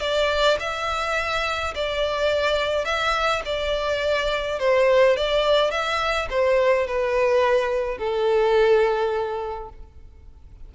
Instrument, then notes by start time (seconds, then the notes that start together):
violin
0.00 D5
0.59 E5
1.75 D5
2.85 E5
3.45 D5
4.59 C5
5.16 D5
5.71 E5
6.30 C5
6.87 B4
7.98 A4